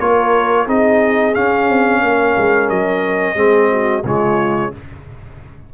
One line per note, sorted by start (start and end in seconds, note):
0.00 0.67 A#3
0.00 0.66 F4
0.00 0.66 A#4
0.00 0.68 C#5
0.66 1.35 C4
0.66 1.34 D#4
0.66 2.01 G#4
0.66 1.35 D#5
1.34 3.36 C#4
1.34 1.69 C#4
1.34 2.69 F5
1.69 2.02 C4
2.02 2.36 A#3
2.02 3.36 A#4
2.37 2.70 G#3
2.69 3.36 F#3
2.69 4.04 D#5
3.36 4.03 G#3
3.36 4.03 C4
3.36 3.70 G#4
3.71 4.05 F#4
4.04 4.72 C#3
4.04 4.72 G#3
4.04 4.73 F4
4.04 4.74 C#5